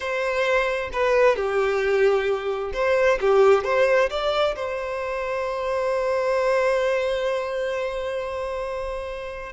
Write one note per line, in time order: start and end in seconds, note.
0.00 0.90 C5
0.92 1.35 B4
1.35 2.72 G4
2.73 3.18 C5
3.20 3.64 G4
3.64 4.09 C5
4.10 4.55 D5
4.55 9.52 C5